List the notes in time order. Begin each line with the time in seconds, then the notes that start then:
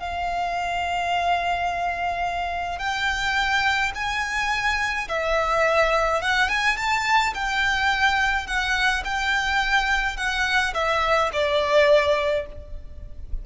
0.00 F5
2.79 G5
3.95 G#5
5.09 E5
6.22 F#5
6.49 G#5
6.77 A5
7.34 G5
8.47 F#5
9.05 G5
10.18 F#5
10.74 E5
11.33 D5